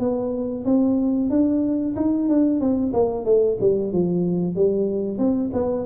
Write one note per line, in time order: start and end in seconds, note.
0.00 0.65 B3
0.65 1.30 C4
1.30 1.96 D4
1.97 2.29 D#4
2.29 2.61 D4
2.61 2.93 C4
2.94 3.26 A#3
3.26 3.58 A3
3.61 3.93 G3
3.93 4.56 F3
4.56 5.18 G3
5.18 5.51 C4
5.54 5.86 B3